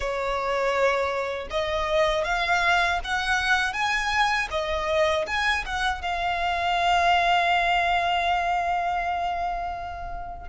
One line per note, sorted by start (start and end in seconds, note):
0.00 1.48 C#5
1.50 2.24 D#5
2.24 2.99 F5
3.04 3.73 F#5
3.73 4.48 G#5
4.50 5.25 D#5
5.26 5.64 G#5
5.65 6.01 F#5
6.01 10.48 F5